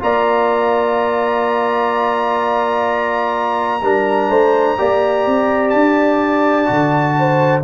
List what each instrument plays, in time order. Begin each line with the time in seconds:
0.00 tuba A#3, trombone F4, horn D5, trumpet A#5
3.82 tuba G3, trombone D4, horn A#4
4.30 tuba A3, horn C5
4.78 tuba A#3, trombone G4, horn D5
5.27 tuba C4
5.70 tuba D4, trumpet A5
6.66 tuba D3, trombone F#4
7.19 horn C5